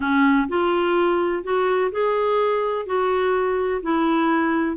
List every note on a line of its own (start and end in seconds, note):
0.00 0.47 C#4
0.48 1.43 F4
1.43 1.91 F#4
1.91 2.86 G#4
2.86 3.81 F#4
3.82 4.76 E4